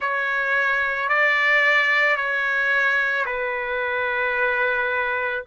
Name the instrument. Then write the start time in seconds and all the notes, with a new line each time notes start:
trumpet
0.00 C#5
1.09 D5
2.16 C#5
3.25 B4